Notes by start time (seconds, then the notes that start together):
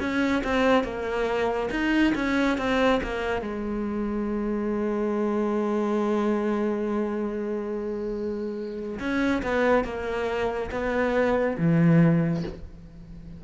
0.00 C#4
0.44 C4
0.84 A#3
1.71 D#4
2.15 C#4
2.58 C4
3.04 A#3
3.42 G#3
9.00 C#4
9.43 B3
9.85 A#3
10.71 B3
11.58 E3